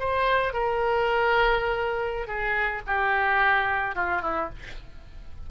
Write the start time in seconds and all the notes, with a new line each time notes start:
0.00 C5
0.54 A#4
2.28 G#4
2.87 G4
3.96 F4
4.22 E4